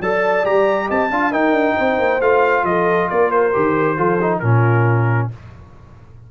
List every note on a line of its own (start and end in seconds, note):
0.00 0.44 F#3
0.00 0.44 A4
0.00 0.86 D5
0.00 0.46 A5
0.44 0.90 G3
0.44 1.10 G4
0.44 0.90 A#5
0.86 1.11 C4
0.86 1.08 D#5
0.86 1.33 A5
1.11 1.33 D4
1.11 1.33 F4
1.11 1.32 F5
1.32 1.51 D#4
1.32 2.21 D#4
1.32 1.76 A#4
1.32 2.21 G5
1.51 1.73 D4
1.77 1.99 C4
1.77 2.65 C5
1.99 2.20 A#3
2.20 2.64 A3
2.20 3.53 F4
2.20 2.65 F5
2.64 3.08 F3
2.64 3.10 A4
2.64 3.09 D#5
3.09 3.55 A#3
3.09 3.97 A#4
3.09 3.31 D5
3.31 4.39 C5
3.53 3.99 D#3
3.53 3.97 G4
3.97 4.42 F3
3.97 4.19 F4
3.97 4.41 A4
4.21 4.43 D#4
4.39 5.30 A#2
4.39 5.31 C#4
4.39 5.30 F4
4.39 5.28 A#4